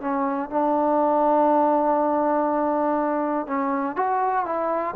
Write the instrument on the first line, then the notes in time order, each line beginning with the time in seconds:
trombone
0.00 C#4
0.50 D4
3.46 C#4
3.96 F#4
4.45 E4